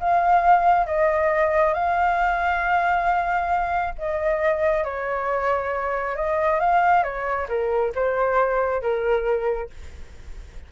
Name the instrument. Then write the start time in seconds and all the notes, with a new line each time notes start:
flute
0.00 F5
0.87 D#5
1.74 F5
3.98 D#5
4.84 C#5
6.16 D#5
6.60 F5
7.03 C#5
7.49 A#4
7.95 C5
8.82 A#4